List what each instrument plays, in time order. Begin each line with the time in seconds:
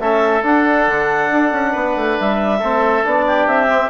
0.00 bassoon A3, trombone C#4, oboe A4, clarinet E5
0.43 trombone D4, bassoon D4, clarinet F#5
0.87 bassoon D3
1.32 bassoon D4
1.52 bassoon C#4
1.72 bassoon B3, oboe B4
1.96 bassoon A3
2.20 bassoon G3, clarinet E5
2.60 bassoon A3, trombone C4, oboe A4
3.04 bassoon B3, trombone D4, clarinet D5
3.27 oboe G4
3.47 bassoon C4, clarinet E5
3.69 trombone C4